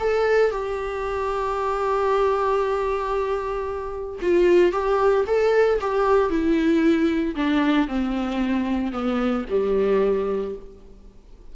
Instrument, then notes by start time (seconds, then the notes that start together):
viola
0.00 A4
0.51 G4
4.22 F4
4.72 G4
5.27 A4
5.81 G4
6.30 E4
7.35 D4
7.88 C4
8.92 B3
9.50 G3